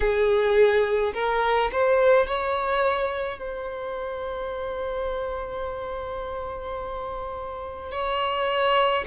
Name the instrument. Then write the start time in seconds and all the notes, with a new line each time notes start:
violin
0.00 G#4
1.14 A#4
1.72 C5
2.26 C#5
3.39 C5
7.91 C#5